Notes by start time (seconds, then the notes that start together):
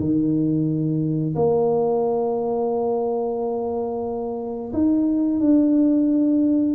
0.00 D#3
1.35 A#3
4.73 D#4
5.41 D4